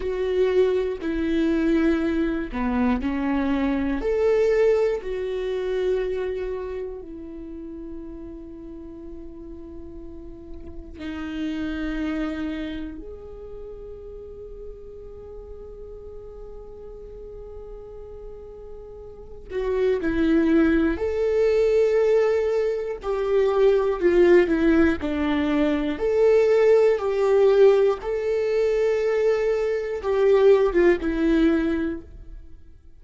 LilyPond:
\new Staff \with { instrumentName = "viola" } { \time 4/4 \tempo 4 = 60 fis'4 e'4. b8 cis'4 | a'4 fis'2 e'4~ | e'2. dis'4~ | dis'4 gis'2.~ |
gis'2.~ gis'8 fis'8 | e'4 a'2 g'4 | f'8 e'8 d'4 a'4 g'4 | a'2 g'8. f'16 e'4 | }